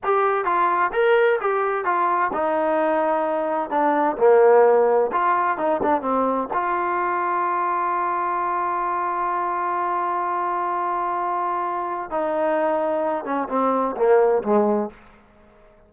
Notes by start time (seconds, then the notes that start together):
0.03 G4
0.44 F4
0.93 A#4
1.41 G4
1.84 F4
2.33 D#4
3.70 D4
4.17 A#3
5.12 F4
5.57 D#4
5.83 D4
6.01 C4
6.53 F4
12.10 D#4
13.24 C#4
13.49 C4
13.96 A#3
14.43 G#3